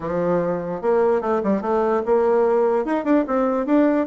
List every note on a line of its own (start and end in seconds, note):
0.00 0.81 F3
0.81 1.21 A#3
1.21 1.41 A3
1.43 1.61 G3
1.61 2.02 A3
2.05 2.85 A#3
2.85 3.04 D#4
3.04 3.24 D4
3.27 3.65 C4
3.65 4.06 D4